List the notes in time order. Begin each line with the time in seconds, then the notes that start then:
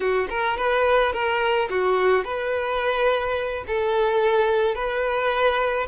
0.00 F#4
0.29 A#4
0.57 B4
1.12 A#4
1.69 F#4
2.24 B4
3.67 A4
4.74 B4